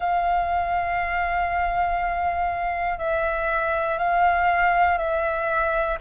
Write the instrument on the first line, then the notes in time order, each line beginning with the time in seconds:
flute
0.00 F5
2.98 E5
3.98 F5
4.97 E5